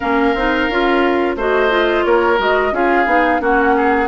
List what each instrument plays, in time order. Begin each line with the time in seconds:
0.00 bassoon A#3, clarinet C#4, oboe A#4, flute F5
0.34 bassoon C4, clarinet D#4
0.69 bassoon C#4, clarinet F4
1.36 bassoon A3, clarinet F#4, oboe C5, flute D#5
1.70 clarinet F4
2.04 bassoon A#3, oboe A#4, flute C#5
2.37 bassoon G#3, clarinet F#4, flute D#5
2.72 bassoon C#4, clarinet F4, oboe G#4, flute F5
3.05 bassoon B3, clarinet D#4
3.39 bassoon A#3, clarinet C#4, oboe F#4, flute F#5
3.76 oboe G#4